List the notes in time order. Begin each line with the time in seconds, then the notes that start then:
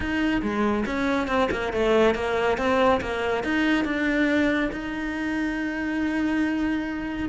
0.00 D#4
0.41 G#3
0.86 C#4
1.27 C4
1.51 A#3
1.73 A3
2.14 A#3
2.57 C4
3.00 A#3
3.43 D#4
3.84 D4
4.72 D#4